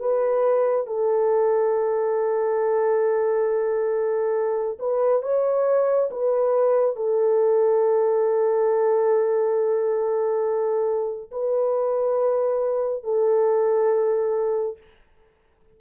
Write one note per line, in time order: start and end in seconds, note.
0.00 0.87 B4
0.87 4.78 A4
4.80 5.23 B4
5.23 6.10 C#5
6.11 6.96 B4
6.96 11.31 A4
11.32 13.04 B4
13.04 14.78 A4